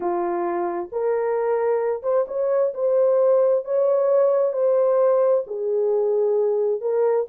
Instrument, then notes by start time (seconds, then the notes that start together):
horn
0.00 F4
0.92 A#4
2.02 C5
2.27 C#5
2.74 C5
3.64 C#5
4.52 C5
5.47 G#4
6.81 A#4